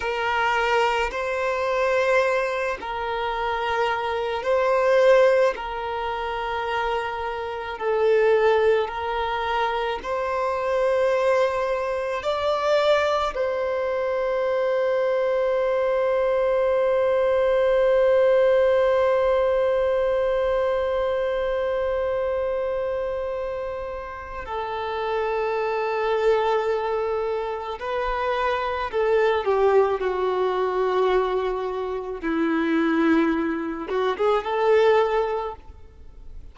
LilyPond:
\new Staff \with { instrumentName = "violin" } { \time 4/4 \tempo 4 = 54 ais'4 c''4. ais'4. | c''4 ais'2 a'4 | ais'4 c''2 d''4 | c''1~ |
c''1~ | c''2 a'2~ | a'4 b'4 a'8 g'8 fis'4~ | fis'4 e'4. fis'16 gis'16 a'4 | }